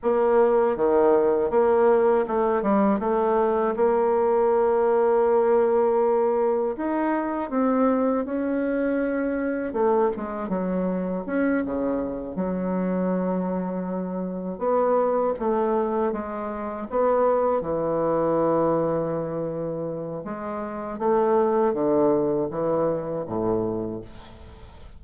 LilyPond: \new Staff \with { instrumentName = "bassoon" } { \time 4/4 \tempo 4 = 80 ais4 dis4 ais4 a8 g8 | a4 ais2.~ | ais4 dis'4 c'4 cis'4~ | cis'4 a8 gis8 fis4 cis'8 cis8~ |
cis8 fis2. b8~ | b8 a4 gis4 b4 e8~ | e2. gis4 | a4 d4 e4 a,4 | }